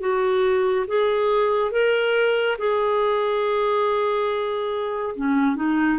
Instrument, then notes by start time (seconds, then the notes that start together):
clarinet
0.00 F#4
0.87 G#4
1.71 A#4
2.58 G#4
5.15 C#4
5.56 D#4